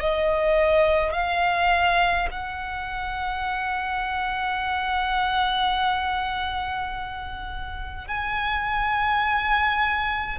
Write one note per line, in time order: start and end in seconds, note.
0.00 1.13 D#5
1.13 2.28 F5
2.31 8.08 F#5
8.08 10.38 G#5